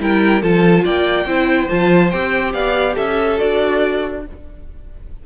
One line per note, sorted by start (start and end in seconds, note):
0.00 0.42 G3
0.00 0.42 E4
0.00 0.42 A#4
0.00 0.43 G5
0.42 0.84 F3
0.42 1.27 F4
0.42 0.84 A4
0.42 0.85 A5
0.85 1.25 A#3
0.85 1.26 D5
0.85 1.69 G5
1.25 1.67 C4
1.25 1.69 E4
1.25 2.53 C5
1.69 2.13 F3
1.69 2.12 F4
1.69 2.11 A5
2.11 2.54 C4
2.11 3.38 G4
2.11 2.53 G5
2.53 2.96 B3
2.53 2.94 D5
2.53 2.96 F5
2.94 3.40 C#4
2.94 4.21 A4
2.94 3.39 E5
3.38 4.26 D4
3.38 4.22 F#4
3.38 4.23 D5